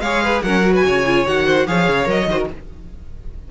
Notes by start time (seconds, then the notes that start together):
0.00 G#3 G#4 C#5 F5
0.23 B4
0.42 F#3 C#4 A#4 F#5
0.62 F#4
0.74 B4 G#5
0.85 C#3 C#5
1.06 F4
1.26 D#3 F#4 F#5
1.46 C5
1.67 F3 G#4 C#5 F5
1.88 C#3
2.05 F#3 A#4 D#5
2.27 D#3 F#4 C5
2.39 A#4